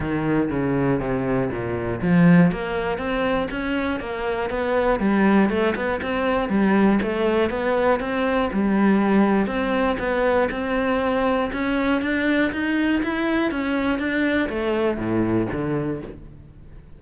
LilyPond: \new Staff \with { instrumentName = "cello" } { \time 4/4 \tempo 4 = 120 dis4 cis4 c4 ais,4 | f4 ais4 c'4 cis'4 | ais4 b4 g4 a8 b8 | c'4 g4 a4 b4 |
c'4 g2 c'4 | b4 c'2 cis'4 | d'4 dis'4 e'4 cis'4 | d'4 a4 a,4 d4 | }